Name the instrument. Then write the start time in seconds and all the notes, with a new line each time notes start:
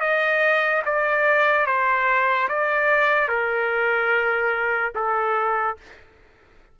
trumpet
0.00 D#5
0.86 D5
1.66 C5
2.49 D5
3.28 A#4
4.95 A4